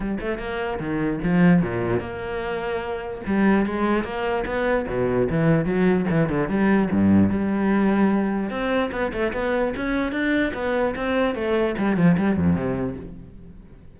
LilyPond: \new Staff \with { instrumentName = "cello" } { \time 4/4 \tempo 4 = 148 g8 a8 ais4 dis4 f4 | ais,4 ais2. | g4 gis4 ais4 b4 | b,4 e4 fis4 e8 d8 |
g4 g,4 g2~ | g4 c'4 b8 a8 b4 | cis'4 d'4 b4 c'4 | a4 g8 f8 g8 f,8 c4 | }